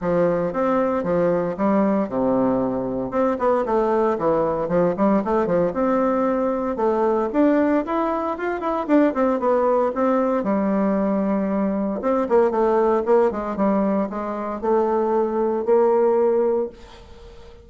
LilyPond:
\new Staff \with { instrumentName = "bassoon" } { \time 4/4 \tempo 4 = 115 f4 c'4 f4 g4 | c2 c'8 b8 a4 | e4 f8 g8 a8 f8 c'4~ | c'4 a4 d'4 e'4 |
f'8 e'8 d'8 c'8 b4 c'4 | g2. c'8 ais8 | a4 ais8 gis8 g4 gis4 | a2 ais2 | }